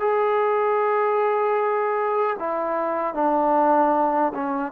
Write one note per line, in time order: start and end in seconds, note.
0.00 2.37 G#4
2.39 3.14 E4
3.14 4.33 D4
4.35 4.72 C#4